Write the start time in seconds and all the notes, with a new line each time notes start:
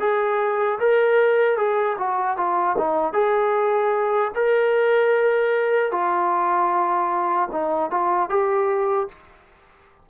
0.00 G#4
0.79 A#4
1.57 G#4
1.98 F#4
2.37 F4
2.78 D#4
3.13 G#4
4.35 A#4
5.91 F4
7.52 D#4
7.91 F4
8.30 G4